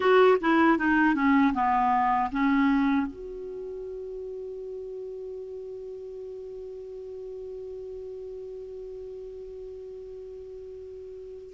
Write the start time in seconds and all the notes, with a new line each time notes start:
0.00 F#4
0.40 E4
0.78 D#4
1.14 C#4
1.53 B3
2.31 C#4
3.06 F#4